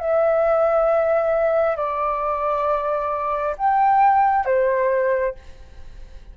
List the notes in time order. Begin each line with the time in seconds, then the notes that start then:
0.00 E5
1.77 D5
3.58 G5
4.46 C5